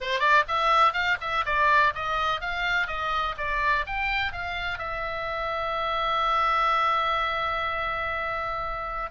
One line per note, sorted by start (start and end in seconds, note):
0.00 0.19 C5
0.19 0.43 D5
0.48 0.93 E5
0.93 1.17 F5
1.20 1.44 E5
1.45 1.93 D5
1.94 2.40 D#5
2.40 2.87 F5
2.87 3.35 D#5
3.37 3.85 D5
3.86 4.32 G5
4.32 4.78 F5
4.78 9.10 E5